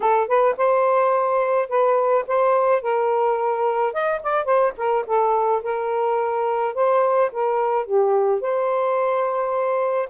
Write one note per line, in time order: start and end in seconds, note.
0.00 0.27 A4
0.27 0.55 B4
0.57 1.68 C5
1.68 2.24 B4
2.27 2.82 C5
2.82 3.93 A#4
3.93 4.21 D#5
4.22 4.45 D5
4.45 4.73 C5
4.77 5.05 A#4
5.06 5.62 A4
5.62 6.74 A#4
6.74 7.30 C5
7.32 7.85 A#4
7.85 8.40 G4
8.40 10.09 C5